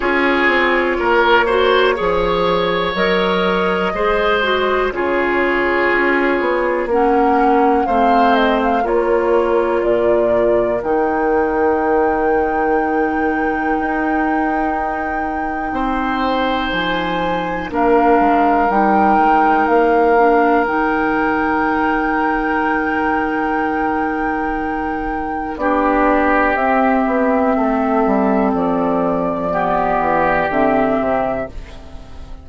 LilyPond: <<
  \new Staff \with { instrumentName = "flute" } { \time 4/4 \tempo 4 = 61 cis''2. dis''4~ | dis''4 cis''2 fis''4 | f''8 dis''16 f''16 cis''4 d''4 g''4~ | g''1~ |
g''4 gis''4 f''4 g''4 | f''4 g''2.~ | g''2 d''4 e''4~ | e''4 d''2 e''4 | }
  \new Staff \with { instrumentName = "oboe" } { \time 4/4 gis'4 ais'8 c''8 cis''2 | c''4 gis'2 ais'4 | c''4 ais'2.~ | ais'1 |
c''2 ais'2~ | ais'1~ | ais'2 g'2 | a'2 g'2 | }
  \new Staff \with { instrumentName = "clarinet" } { \time 4/4 f'4. fis'8 gis'4 ais'4 | gis'8 fis'8 f'2 cis'4 | c'4 f'2 dis'4~ | dis'1~ |
dis'2 d'4 dis'4~ | dis'8 d'8 dis'2.~ | dis'2 d'4 c'4~ | c'2 b4 c'4 | }
  \new Staff \with { instrumentName = "bassoon" } { \time 4/4 cis'8 c'8 ais4 f4 fis4 | gis4 cis4 cis'8 b8 ais4 | a4 ais4 ais,4 dis4~ | dis2 dis'2 |
c'4 f4 ais8 gis8 g8 gis8 | ais4 dis2.~ | dis2 b4 c'8 b8 | a8 g8 f4. e8 d8 c8 | }
>>